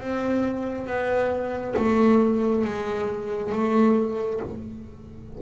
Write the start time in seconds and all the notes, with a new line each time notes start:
0.00 C4
0.86 B3
1.76 A3
2.64 G#3
3.52 A3